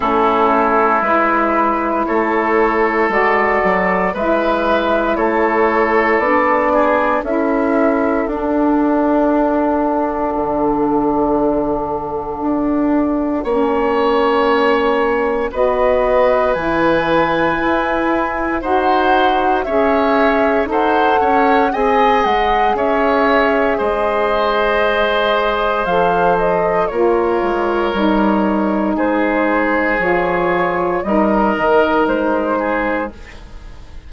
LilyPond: <<
  \new Staff \with { instrumentName = "flute" } { \time 4/4 \tempo 4 = 58 a'4 b'4 cis''4 d''4 | e''4 cis''4 d''4 e''4 | fis''1~ | fis''2. dis''4 |
gis''2 fis''4 e''4 | fis''4 gis''8 fis''8 e''4 dis''4~ | dis''4 f''8 dis''8 cis''2 | c''4 cis''4 dis''4 c''4 | }
  \new Staff \with { instrumentName = "oboe" } { \time 4/4 e'2 a'2 | b'4 a'4. gis'8 a'4~ | a'1~ | a'4 cis''2 b'4~ |
b'2 c''4 cis''4 | c''8 cis''8 dis''4 cis''4 c''4~ | c''2 ais'2 | gis'2 ais'4. gis'8 | }
  \new Staff \with { instrumentName = "saxophone" } { \time 4/4 cis'4 e'2 fis'4 | e'2 d'4 e'4 | d'1~ | d'4 cis'2 fis'4 |
e'2 fis'4 gis'4 | a'4 gis'2.~ | gis'4 a'4 f'4 dis'4~ | dis'4 f'4 dis'2 | }
  \new Staff \with { instrumentName = "bassoon" } { \time 4/4 a4 gis4 a4 gis8 fis8 | gis4 a4 b4 cis'4 | d'2 d2 | d'4 ais2 b4 |
e4 e'4 dis'4 cis'4 | dis'8 cis'8 c'8 gis8 cis'4 gis4~ | gis4 f4 ais8 gis8 g4 | gis4 f4 g8 dis8 gis4 | }
>>